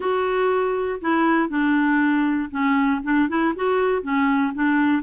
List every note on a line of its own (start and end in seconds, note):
0.00 0.99 F#4
1.01 1.49 E4
1.49 2.50 D4
2.50 3.01 C#4
3.03 3.28 D4
3.28 3.54 E4
3.55 4.02 F#4
4.02 4.52 C#4
4.54 5.03 D4